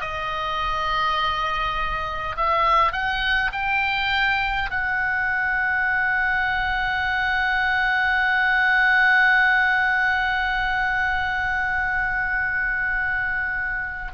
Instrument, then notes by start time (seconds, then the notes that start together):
oboe
0.00 D#5
2.36 E5
2.92 F#5
3.52 G5
4.70 F#5